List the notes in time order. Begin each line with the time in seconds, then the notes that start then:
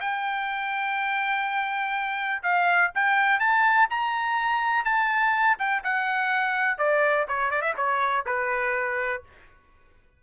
0.00 G5
2.43 F5
2.95 G5
3.39 A5
3.90 A#5
4.84 A5
5.58 G5
5.84 F#5
6.78 D5
7.28 C#5
7.51 D5
7.61 E5
7.76 C#5
8.26 B4